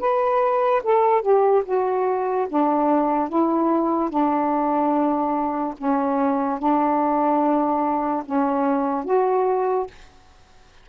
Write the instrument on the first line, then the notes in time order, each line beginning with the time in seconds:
saxophone
0.00 B4
0.84 A4
1.22 G4
1.66 F#4
2.49 D4
3.29 E4
4.10 D4
5.78 C#4
6.59 D4
8.26 C#4
9.05 F#4